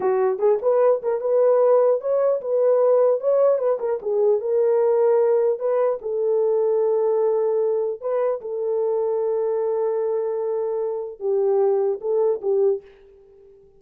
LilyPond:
\new Staff \with { instrumentName = "horn" } { \time 4/4 \tempo 4 = 150 fis'4 gis'8 b'4 ais'8 b'4~ | b'4 cis''4 b'2 | cis''4 b'8 ais'8 gis'4 ais'4~ | ais'2 b'4 a'4~ |
a'1 | b'4 a'2.~ | a'1 | g'2 a'4 g'4 | }